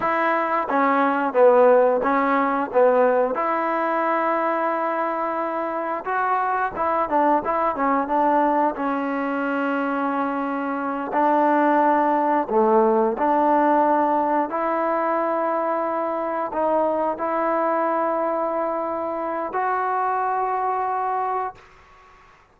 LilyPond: \new Staff \with { instrumentName = "trombone" } { \time 4/4 \tempo 4 = 89 e'4 cis'4 b4 cis'4 | b4 e'2.~ | e'4 fis'4 e'8 d'8 e'8 cis'8 | d'4 cis'2.~ |
cis'8 d'2 a4 d'8~ | d'4. e'2~ e'8~ | e'8 dis'4 e'2~ e'8~ | e'4 fis'2. | }